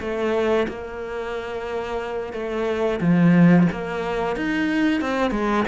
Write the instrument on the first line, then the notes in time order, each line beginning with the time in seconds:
cello
0.00 A3
0.68 A#3
2.33 A3
3.01 F3
3.72 A#3
4.36 D#4
5.01 C4
5.31 G#3